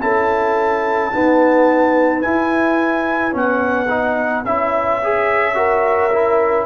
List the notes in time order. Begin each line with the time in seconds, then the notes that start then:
0.00 C#4 E4 A4 A5
1.12 B3 D#4 B4
2.22 E4 G#5
3.31 B3 C#4 F#5
3.88 D#4
4.45 C#4 E4 E5
5.03 G#4
5.54 F#4 A#4
6.12 E4